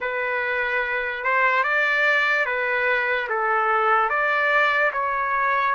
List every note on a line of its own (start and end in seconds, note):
0.00 1.23 B4
1.23 1.63 C5
1.63 2.45 D5
2.45 3.28 B4
3.29 4.09 A4
4.09 4.91 D5
4.92 5.74 C#5